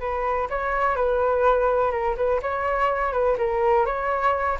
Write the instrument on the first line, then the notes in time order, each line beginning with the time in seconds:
flute
0.00 B4
0.50 C#5
0.96 B4
1.92 A#4
2.16 B4
2.42 C#5
3.13 B4
3.38 A#4
3.86 C#5